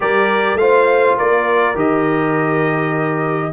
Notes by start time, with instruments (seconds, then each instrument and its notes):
0.00 tuba G3, trombone G4, horn A#4, trumpet D5
0.54 tuba A3, trombone F4, trumpet F5
0.61 horn C5
1.17 tuba A#3, horn A#4, trumpet D5
1.74 tuba D#3, trombone G4, trumpet D#5